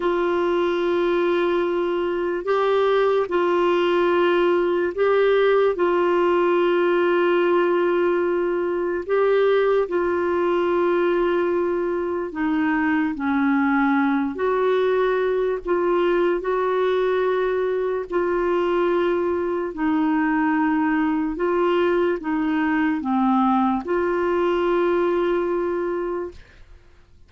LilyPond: \new Staff \with { instrumentName = "clarinet" } { \time 4/4 \tempo 4 = 73 f'2. g'4 | f'2 g'4 f'4~ | f'2. g'4 | f'2. dis'4 |
cis'4. fis'4. f'4 | fis'2 f'2 | dis'2 f'4 dis'4 | c'4 f'2. | }